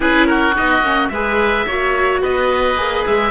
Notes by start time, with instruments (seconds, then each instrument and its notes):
0.00 cello C#4, viola E4, oboe G#4 B4
0.26 oboe F#4 A#4
0.55 cello B3, viola D#4, oboe D#5
0.81 cello A#3, viola C#4
1.08 cello G#3, viola G#4, oboe B4 E5
1.66 cello A#3, viola F#4, oboe C#5
2.21 cello B3, oboe B4 D#5
2.75 cello A#3, viola G#4
3.05 cello G#3, oboe E5